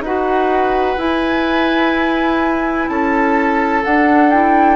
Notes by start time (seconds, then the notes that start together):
0.00 D#4 F#4 B4 F#5
0.97 E4 G#5
2.87 C#4 A4 A5
3.84 D4 F#5
4.30 E4 G5